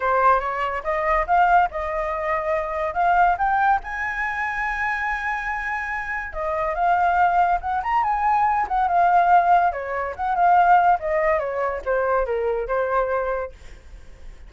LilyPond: \new Staff \with { instrumentName = "flute" } { \time 4/4 \tempo 4 = 142 c''4 cis''4 dis''4 f''4 | dis''2. f''4 | g''4 gis''2.~ | gis''2. dis''4 |
f''2 fis''8 ais''8 gis''4~ | gis''8 fis''8 f''2 cis''4 | fis''8 f''4. dis''4 cis''4 | c''4 ais'4 c''2 | }